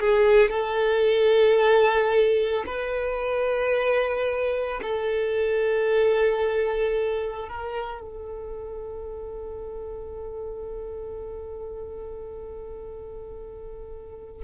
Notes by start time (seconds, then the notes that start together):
0.00 G#4
0.50 A4
2.67 B4
4.82 A4
7.49 A#4
8.02 A4